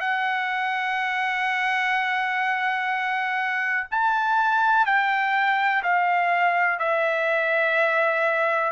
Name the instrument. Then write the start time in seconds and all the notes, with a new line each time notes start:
trumpet
0.00 F#5
3.91 A5
4.86 G5
5.83 F5
6.79 E5